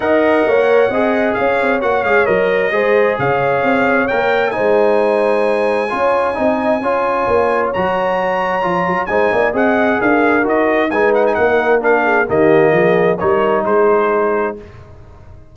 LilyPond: <<
  \new Staff \with { instrumentName = "trumpet" } { \time 4/4 \tempo 4 = 132 fis''2. f''4 | fis''8 f''8 dis''2 f''4~ | f''4 g''4 gis''2~ | gis''1~ |
gis''4 ais''2. | gis''4 fis''4 f''4 dis''4 | gis''8 fis''16 gis''16 fis''4 f''4 dis''4~ | dis''4 cis''4 c''2 | }
  \new Staff \with { instrumentName = "horn" } { \time 4/4 dis''4 cis''4 dis''4 cis''4~ | cis''2 c''4 cis''4~ | cis''2 c''2~ | c''4 cis''4 dis''4 cis''4~ |
cis''1 | c''8 d''8 dis''4 ais'2 | b'4 ais'4. gis'8 g'4 | gis'4 ais'4 gis'2 | }
  \new Staff \with { instrumentName = "trombone" } { \time 4/4 ais'2 gis'2 | fis'8 gis'8 ais'4 gis'2~ | gis'4 ais'4 dis'2~ | dis'4 f'4 dis'4 f'4~ |
f'4 fis'2 f'4 | dis'4 gis'2 fis'4 | dis'2 d'4 ais4~ | ais4 dis'2. | }
  \new Staff \with { instrumentName = "tuba" } { \time 4/4 dis'4 ais4 c'4 cis'8 c'8 | ais8 gis8 fis4 gis4 cis4 | c'4 ais4 gis2~ | gis4 cis'4 c'4 cis'4 |
ais4 fis2 f8 fis8 | gis8 ais8 c'4 d'4 dis'4 | gis4 ais2 dis4 | f4 g4 gis2 | }
>>